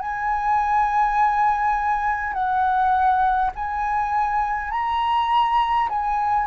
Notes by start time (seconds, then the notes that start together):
0.00 G#5
2.33 F#5
3.55 G#5
4.71 A#5
5.89 G#5